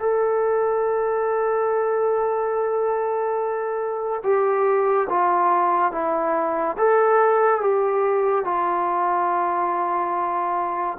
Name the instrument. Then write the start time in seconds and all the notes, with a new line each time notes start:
trombone
0.00 A4
4.24 G4
5.10 F4
5.92 E4
6.78 A4
7.61 G4
8.45 F4